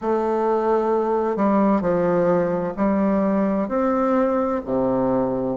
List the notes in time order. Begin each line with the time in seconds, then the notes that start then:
0.01 A3
1.36 G3
1.81 F3
2.77 G3
3.68 C4
4.64 C3